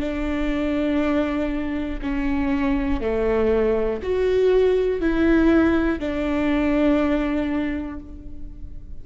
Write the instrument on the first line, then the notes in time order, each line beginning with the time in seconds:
viola
0.00 D4
2.02 C#4
3.00 A3
4.03 F#4
5.01 E4
5.99 D4